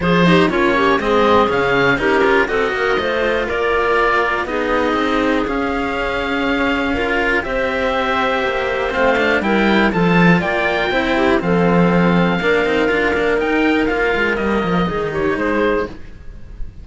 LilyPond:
<<
  \new Staff \with { instrumentName = "oboe" } { \time 4/4 \tempo 4 = 121 c''4 cis''4 dis''4 f''4 | ais'4 dis''2 d''4~ | d''4 dis''2 f''4~ | f''2. e''4~ |
e''2 f''4 g''4 | a''4 g''2 f''4~ | f''2. g''4 | f''4 dis''4. cis''8 c''4 | }
  \new Staff \with { instrumentName = "clarinet" } { \time 4/4 gis'8 g'8 f'8 g'8 gis'2 | g'4 a'8 ais'8 c''4 ais'4~ | ais'4 gis'2.~ | gis'2 ais'4 c''4~ |
c''2. ais'4 | a'4 d''4 c''8 g'8 a'4~ | a'4 ais'2.~ | ais'2 gis'8 g'8 gis'4 | }
  \new Staff \with { instrumentName = "cello" } { \time 4/4 f'8 dis'8 cis'4 c'4 cis'4 | dis'8 f'8 fis'4 f'2~ | f'4 dis'2 cis'4~ | cis'2 f'4 g'4~ |
g'2 c'8 d'8 e'4 | f'2 e'4 c'4~ | c'4 d'8 dis'8 f'8 d'8 dis'4 | f'4 ais4 dis'2 | }
  \new Staff \with { instrumentName = "cello" } { \time 4/4 f4 ais4 gis4 cis4 | cis'4 c'8 ais8 a4 ais4~ | ais4 b4 c'4 cis'4~ | cis'2. c'4~ |
c'4 ais4 a4 g4 | f4 ais4 c'4 f4~ | f4 ais8 c'8 d'8 ais8 dis'4 | ais8 gis8 g8 f8 dis4 gis4 | }
>>